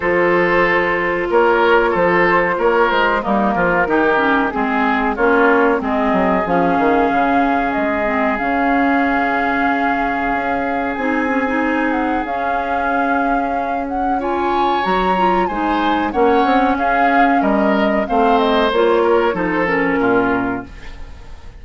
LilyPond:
<<
  \new Staff \with { instrumentName = "flute" } { \time 4/4 \tempo 4 = 93 c''2 cis''4 c''4 | cis''8 c''8 ais'2 gis'4 | cis''4 dis''4 f''2 | dis''4 f''2.~ |
f''4 gis''4. fis''8 f''4~ | f''4. fis''8 gis''4 ais''4 | gis''4 fis''4 f''4 dis''4 | f''8 dis''8 cis''4 c''8 ais'4. | }
  \new Staff \with { instrumentName = "oboe" } { \time 4/4 a'2 ais'4 a'4 | ais'4 dis'8 f'8 g'4 gis'4 | f'4 gis'2.~ | gis'1~ |
gis'1~ | gis'2 cis''2 | c''4 cis''4 gis'4 ais'4 | c''4. ais'8 a'4 f'4 | }
  \new Staff \with { instrumentName = "clarinet" } { \time 4/4 f'1~ | f'4 ais4 dis'8 cis'8 c'4 | cis'4 c'4 cis'2~ | cis'8 c'8 cis'2.~ |
cis'4 dis'8 cis'16 dis'4~ dis'16 cis'4~ | cis'2 f'4 fis'8 f'8 | dis'4 cis'2. | c'4 f'4 dis'8 cis'4. | }
  \new Staff \with { instrumentName = "bassoon" } { \time 4/4 f2 ais4 f4 | ais8 gis8 g8 f8 dis4 gis4 | ais4 gis8 fis8 f8 dis8 cis4 | gis4 cis2. |
cis'4 c'2 cis'4~ | cis'2. fis4 | gis4 ais8 c'8 cis'4 g4 | a4 ais4 f4 ais,4 | }
>>